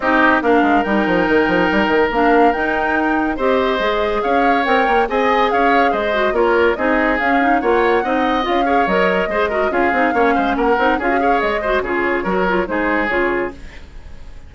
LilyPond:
<<
  \new Staff \with { instrumentName = "flute" } { \time 4/4 \tempo 4 = 142 dis''4 f''4 g''2~ | g''4 f''4 g''2 | dis''2 f''4 g''4 | gis''4 f''4 dis''4 cis''4 |
dis''4 f''4 fis''2 | f''4 dis''2 f''4~ | f''4 fis''4 f''4 dis''4 | cis''2 c''4 cis''4 | }
  \new Staff \with { instrumentName = "oboe" } { \time 4/4 g'4 ais'2.~ | ais'1 | c''2 cis''2 | dis''4 cis''4 c''4 ais'4 |
gis'2 cis''4 dis''4~ | dis''8 cis''4. c''8 ais'8 gis'4 | cis''8 c''8 ais'4 gis'8 cis''4 c''8 | gis'4 ais'4 gis'2 | }
  \new Staff \with { instrumentName = "clarinet" } { \time 4/4 dis'4 d'4 dis'2~ | dis'4 d'4 dis'2 | g'4 gis'2 ais'4 | gis'2~ gis'8 fis'8 f'4 |
dis'4 cis'8 dis'8 f'4 dis'4 | f'8 gis'8 ais'4 gis'8 fis'8 f'8 dis'8 | cis'4. dis'8 f'16 fis'16 gis'4 fis'8 | f'4 fis'8 f'8 dis'4 f'4 | }
  \new Staff \with { instrumentName = "bassoon" } { \time 4/4 c'4 ais8 gis8 g8 f8 dis8 f8 | g8 dis8 ais4 dis'2 | c'4 gis4 cis'4 c'8 ais8 | c'4 cis'4 gis4 ais4 |
c'4 cis'4 ais4 c'4 | cis'4 fis4 gis4 cis'8 c'8 | ais8 gis8 ais8 c'8 cis'4 gis4 | cis4 fis4 gis4 cis4 | }
>>